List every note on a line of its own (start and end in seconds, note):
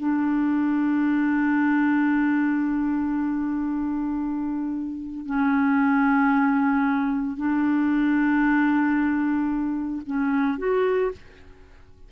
0.00 5.26 D4
5.26 7.37 C#4
7.37 10.02 D4
10.07 10.59 C#4
10.59 11.12 F#4